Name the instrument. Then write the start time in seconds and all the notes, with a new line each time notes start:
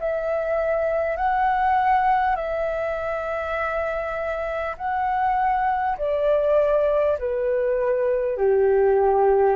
flute
0.00 E5
1.17 F#5
2.36 E5
4.78 F#5
5.98 D5
7.19 B4
8.38 G4